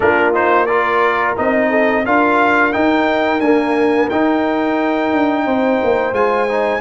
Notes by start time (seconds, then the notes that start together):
0.00 A#3 D4 F4 A#4
0.33 D#4 C5
0.65 F4 A#4 D5
1.37 C4 D#4 D#5
1.70 A4
2.05 D4 F4 A#4 F5
2.72 D#4 G5
3.40 A#3 D4 G#5
4.09 D#4 G5
5.13 D4
5.45 C4 C5
5.83 A#3
6.12 G#3 F4 G#5
6.48 D#4